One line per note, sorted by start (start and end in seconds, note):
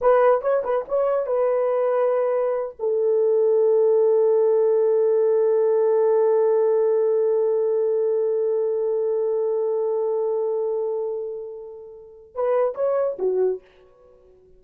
0.01 0.41 B4
0.41 0.62 C#5
0.64 0.85 B4
0.88 1.26 C#5
1.26 2.75 B4
2.79 12.34 A4
12.34 12.74 B4
12.74 13.17 C#5
13.18 13.61 F#4